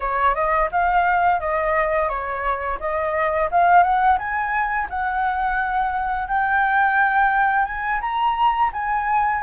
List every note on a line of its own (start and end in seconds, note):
0.00 0.35 C#5
0.35 0.69 D#5
0.71 1.40 F5
1.40 2.08 D#5
2.08 2.78 C#5
2.79 3.49 D#5
3.51 3.83 F5
3.83 4.18 F#5
4.18 4.88 G#5
4.89 6.28 F#5
6.28 7.65 G5
7.65 8.00 G#5
8.00 8.71 A#5
8.72 9.42 G#5